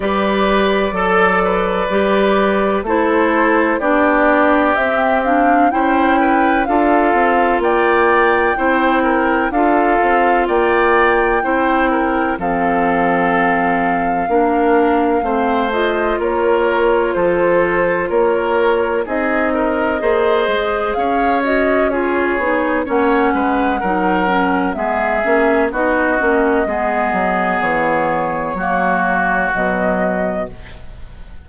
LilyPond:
<<
  \new Staff \with { instrumentName = "flute" } { \time 4/4 \tempo 4 = 63 d''2. c''4 | d''4 e''8 f''8 g''4 f''4 | g''2 f''4 g''4~ | g''4 f''2.~ |
f''8 dis''8 cis''4 c''4 cis''4 | dis''2 f''8 dis''8 cis''4 | fis''2 e''4 dis''4~ | dis''4 cis''2 dis''4 | }
  \new Staff \with { instrumentName = "oboe" } { \time 4/4 b'4 a'8 b'4. a'4 | g'2 c''8 b'8 a'4 | d''4 c''8 ais'8 a'4 d''4 | c''8 ais'8 a'2 ais'4 |
c''4 ais'4 a'4 ais'4 | gis'8 ais'8 c''4 cis''4 gis'4 | cis''8 b'8 ais'4 gis'4 fis'4 | gis'2 fis'2 | }
  \new Staff \with { instrumentName = "clarinet" } { \time 4/4 g'4 a'4 g'4 e'4 | d'4 c'8 d'8 e'4 f'4~ | f'4 e'4 f'2 | e'4 c'2 d'4 |
c'8 f'2.~ f'8 | dis'4 gis'4. fis'8 f'8 dis'8 | cis'4 dis'8 cis'8 b8 cis'8 dis'8 cis'8 | b2 ais4 fis4 | }
  \new Staff \with { instrumentName = "bassoon" } { \time 4/4 g4 fis4 g4 a4 | b4 c'4 cis'4 d'8 c'8 | ais4 c'4 d'8 c'8 ais4 | c'4 f2 ais4 |
a4 ais4 f4 ais4 | c'4 ais8 gis8 cis'4. b8 | ais8 gis8 fis4 gis8 ais8 b8 ais8 | gis8 fis8 e4 fis4 b,4 | }
>>